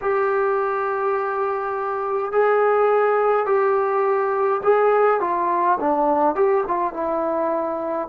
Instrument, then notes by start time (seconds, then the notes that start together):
trombone
0.01 G4
2.31 G#4
3.46 G4
4.63 G#4
5.20 F4
5.80 D4
6.35 G4
6.67 F4
6.93 E4